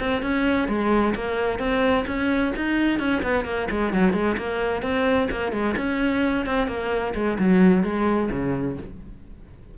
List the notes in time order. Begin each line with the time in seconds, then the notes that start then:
0.00 C4
0.23 C#4
0.68 G#3
1.15 A#3
1.59 C4
2.07 C#4
2.57 D#4
3.00 C#4
3.23 B3
3.45 A#3
3.71 G#3
3.93 F#3
4.13 G#3
4.38 A#3
4.83 C4
5.31 A#3
5.53 G#3
5.77 C#4
6.46 C4
6.68 A#3
7.15 G#3
7.40 F#3
7.84 G#3
8.32 C#3